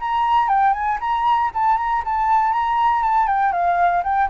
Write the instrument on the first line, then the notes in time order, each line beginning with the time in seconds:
flute
0.00 A#5
0.49 G5
0.73 G#5
1.01 A#5
1.54 A5
1.78 A#5
2.05 A5
2.53 A#5
3.03 A5
3.28 G5
3.53 F5
4.04 G5